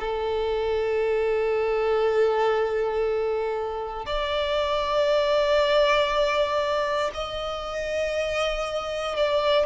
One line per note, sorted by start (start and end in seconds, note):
0.00 4.06 A4
4.06 7.11 D5
7.14 9.16 D#5
9.16 9.66 D5